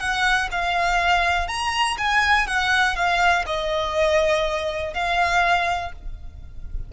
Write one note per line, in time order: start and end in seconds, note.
0.00 0.49 F#5
0.52 1.48 F5
1.48 1.97 A#5
1.98 2.47 G#5
2.47 2.96 F#5
2.96 3.45 F5
3.47 4.94 D#5
4.94 5.93 F5